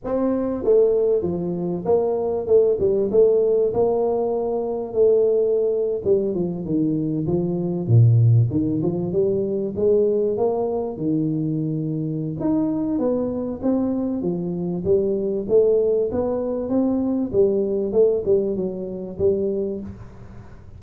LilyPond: \new Staff \with { instrumentName = "tuba" } { \time 4/4 \tempo 4 = 97 c'4 a4 f4 ais4 | a8 g8 a4 ais2 | a4.~ a16 g8 f8 dis4 f16~ | f8. ais,4 dis8 f8 g4 gis16~ |
gis8. ais4 dis2~ dis16 | dis'4 b4 c'4 f4 | g4 a4 b4 c'4 | g4 a8 g8 fis4 g4 | }